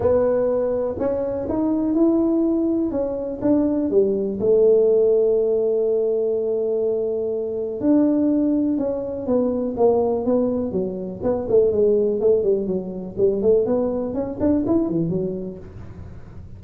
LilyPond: \new Staff \with { instrumentName = "tuba" } { \time 4/4 \tempo 4 = 123 b2 cis'4 dis'4 | e'2 cis'4 d'4 | g4 a2.~ | a1 |
d'2 cis'4 b4 | ais4 b4 fis4 b8 a8 | gis4 a8 g8 fis4 g8 a8 | b4 cis'8 d'8 e'8 e8 fis4 | }